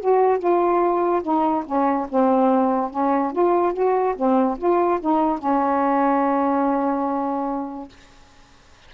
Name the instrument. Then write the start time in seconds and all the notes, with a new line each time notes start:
saxophone
0.00 F#4
0.39 F4
1.22 D#4
1.66 C#4
2.09 C4
2.91 C#4
3.33 F4
3.73 F#4
4.16 C4
4.58 F4
5.01 D#4
5.39 C#4